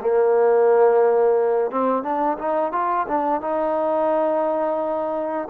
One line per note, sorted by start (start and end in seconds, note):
0.00 1.71 A#3
1.71 2.03 C4
2.03 2.37 D4
2.38 2.72 D#4
2.72 3.07 F4
3.08 3.41 D4
3.41 5.48 D#4